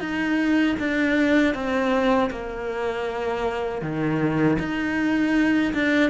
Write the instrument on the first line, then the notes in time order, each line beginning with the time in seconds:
cello
0.00 D#4
0.79 D4
1.54 C4
2.31 A#3
3.82 D#3
4.59 D#4
5.74 D4